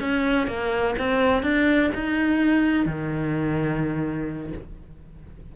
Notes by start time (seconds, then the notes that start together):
0.00 C#4
0.47 A#3
0.99 C4
1.43 D4
1.95 D#4
2.86 D#3